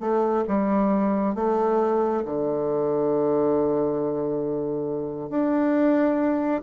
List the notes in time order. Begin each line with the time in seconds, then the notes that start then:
0.00 A3
0.48 G3
1.35 A3
2.25 D3
5.29 D4